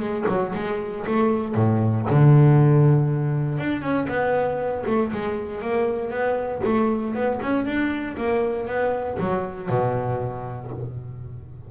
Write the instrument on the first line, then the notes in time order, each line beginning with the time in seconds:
double bass
0.00 G#3
0.29 F#3
0.55 G#3
1.07 A3
1.56 A2
2.10 D3
3.59 D4
3.82 C#4
4.09 B3
4.87 A3
5.13 G#3
5.62 A#3
6.11 B3
6.65 A3
7.15 B3
7.42 C#4
7.66 D4
8.18 A#3
8.67 B3
9.20 F#3
9.70 B2